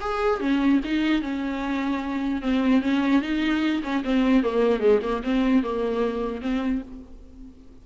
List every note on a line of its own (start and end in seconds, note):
0.00 0.40 G#4
0.40 0.80 C#4
0.84 1.22 D#4
1.22 2.42 C#4
2.42 2.81 C4
2.81 3.21 C#4
3.21 3.82 D#4
3.83 4.03 C#4
4.04 4.43 C4
4.43 4.80 A#3
4.80 5.00 G#3
5.02 5.22 A#3
5.23 5.63 C4
5.63 6.41 A#3
6.41 6.82 C4